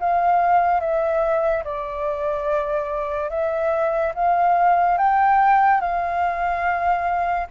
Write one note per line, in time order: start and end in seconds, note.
0.00 0.80 F5
0.80 1.64 E5
1.64 3.30 D5
3.30 4.13 E5
4.15 4.98 F5
4.98 5.81 G5
5.81 7.47 F5